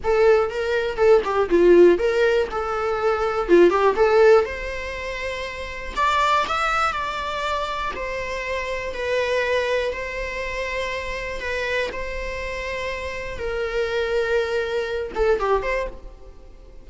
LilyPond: \new Staff \with { instrumentName = "viola" } { \time 4/4 \tempo 4 = 121 a'4 ais'4 a'8 g'8 f'4 | ais'4 a'2 f'8 g'8 | a'4 c''2. | d''4 e''4 d''2 |
c''2 b'2 | c''2. b'4 | c''2. ais'4~ | ais'2~ ais'8 a'8 g'8 c''8 | }